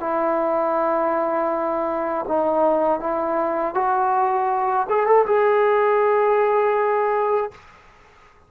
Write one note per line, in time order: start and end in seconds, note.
0.00 2.25 E4
2.28 3.00 D#4
3.00 3.74 E4
3.74 4.87 F#4
4.89 5.06 G#4
5.06 5.25 A4
5.26 7.51 G#4